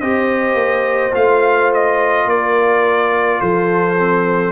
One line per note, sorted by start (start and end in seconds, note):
0.00 0.54 C4
0.00 1.12 G4
0.00 2.27 C5
0.00 1.13 D#5
0.54 1.11 A#3
1.12 2.25 A3
1.12 3.95 F4
1.12 1.71 F5
1.74 2.29 D#5
2.25 3.38 A#3
2.25 3.42 A#4
2.25 3.40 D5
3.40 4.52 F3
3.40 4.52 A4
3.40 4.52 C5
3.98 4.52 C4